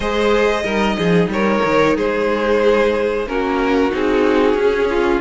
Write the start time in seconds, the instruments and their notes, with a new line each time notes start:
0.00 cello G#3, viola G#4, violin C5 D#5
0.64 cello G3, viola D#4, violin A#4
0.97 cello F3, violin G#4
1.27 cello G3, violin C#5
1.33 violin A#4
1.64 cello D#3
1.96 cello G#3, violin G#4 C5
3.26 cello A#3, viola C#4, violin F#4 A#4
3.90 cello C4, viola D#4, violin G#4
4.54 cello C#4, viola C#4
4.89 violin F4